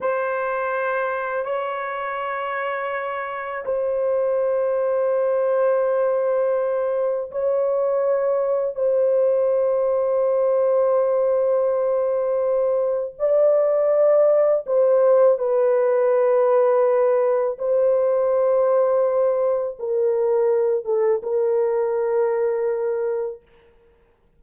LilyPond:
\new Staff \with { instrumentName = "horn" } { \time 4/4 \tempo 4 = 82 c''2 cis''2~ | cis''4 c''2.~ | c''2 cis''2 | c''1~ |
c''2 d''2 | c''4 b'2. | c''2. ais'4~ | ais'8 a'8 ais'2. | }